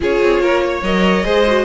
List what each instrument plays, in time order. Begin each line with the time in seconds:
0.00 cello C#4, viola F4, violin G#4 C#5
0.22 cello C4
0.39 cello A#3, violin A#4
0.65 violin C#5
0.82 cello F#3, viola A#4, violin D#5
1.24 cello G#3, viola G#4, violin C5
1.47 viola F#4